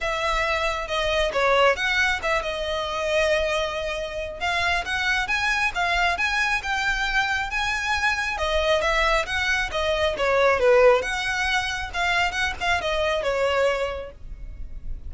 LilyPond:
\new Staff \with { instrumentName = "violin" } { \time 4/4 \tempo 4 = 136 e''2 dis''4 cis''4 | fis''4 e''8 dis''2~ dis''8~ | dis''2 f''4 fis''4 | gis''4 f''4 gis''4 g''4~ |
g''4 gis''2 dis''4 | e''4 fis''4 dis''4 cis''4 | b'4 fis''2 f''4 | fis''8 f''8 dis''4 cis''2 | }